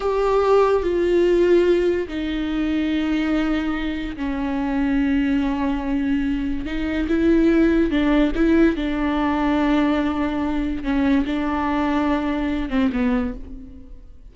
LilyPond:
\new Staff \with { instrumentName = "viola" } { \time 4/4 \tempo 4 = 144 g'2 f'2~ | f'4 dis'2.~ | dis'2 cis'2~ | cis'1 |
dis'4 e'2 d'4 | e'4 d'2.~ | d'2 cis'4 d'4~ | d'2~ d'8 c'8 b4 | }